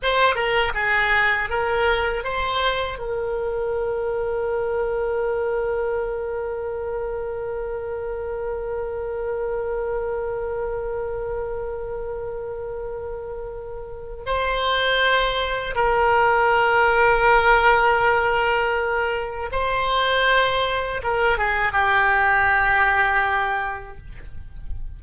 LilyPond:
\new Staff \with { instrumentName = "oboe" } { \time 4/4 \tempo 4 = 80 c''8 ais'8 gis'4 ais'4 c''4 | ais'1~ | ais'1~ | ais'1~ |
ais'2. c''4~ | c''4 ais'2.~ | ais'2 c''2 | ais'8 gis'8 g'2. | }